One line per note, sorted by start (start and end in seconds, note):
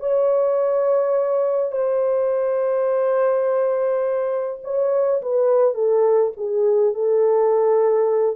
0.00 1.72 C#5
1.72 4.60 C5
4.64 5.22 C#5
5.22 5.75 B4
5.75 6.32 A4
6.37 6.94 G#4
6.94 8.37 A4